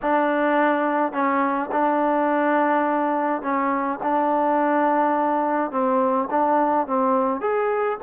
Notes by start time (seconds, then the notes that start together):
0.02 D4
1.12 C#4
1.71 D4
3.42 C#4
4.02 D4
5.71 C4
6.30 D4
6.86 C4
7.41 G#4